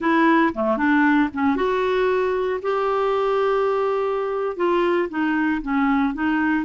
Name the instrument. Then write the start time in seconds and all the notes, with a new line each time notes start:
clarinet
0.00 E4
0.54 A3
0.77 D4
1.33 C#4
1.56 F#4
2.61 G4
4.56 F4
5.09 D#4
5.62 C#4
6.14 D#4